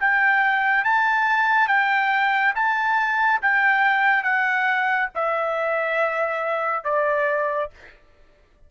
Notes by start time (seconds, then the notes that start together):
0.00 G5
0.84 A5
1.68 G5
2.54 A5
3.41 G5
4.23 F#5
5.15 E5
6.84 D5